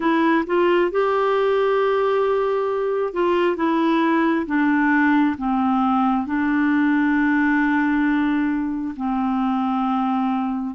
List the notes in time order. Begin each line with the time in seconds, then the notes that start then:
0.00 E4
0.46 F4
0.91 G4
3.13 F4
3.56 E4
4.46 D4
5.37 C4
6.26 D4
8.96 C4